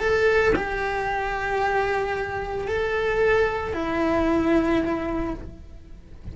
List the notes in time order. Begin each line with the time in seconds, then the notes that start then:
0.00 A4
0.56 G4
2.68 A4
3.74 E4